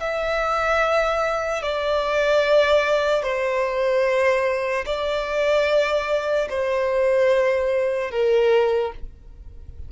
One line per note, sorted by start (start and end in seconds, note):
0.00 1.62 E5
1.62 3.22 D5
3.22 4.85 C5
4.85 6.48 D5
6.49 8.11 C5
8.11 8.92 A#4